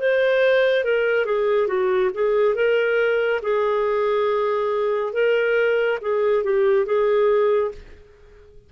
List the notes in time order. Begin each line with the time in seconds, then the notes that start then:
0.00 C5
0.85 A#4
1.26 G#4
1.68 F#4
2.14 G#4
2.55 A#4
3.43 G#4
5.14 A#4
6.02 G#4
6.44 G4
6.86 G#4